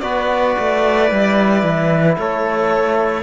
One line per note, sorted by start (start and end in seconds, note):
0.00 0.56 B3
0.00 1.08 F#4
0.00 2.17 B4
0.00 2.14 D5
0.58 1.11 A3
1.09 1.63 G3
1.09 3.23 E4
1.63 2.16 E3
2.18 3.23 A3
2.18 3.23 A4
2.18 3.23 C#5